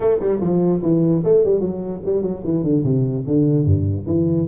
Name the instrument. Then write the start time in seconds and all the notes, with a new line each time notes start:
tuba
0.00 A3
0.19 G3
0.40 F3
0.82 E3
1.24 A3
1.44 G3
1.60 F#3
2.05 G3
2.21 F#3
2.43 E3
2.63 D3
2.84 C3
3.27 D3
3.65 G2
4.06 E3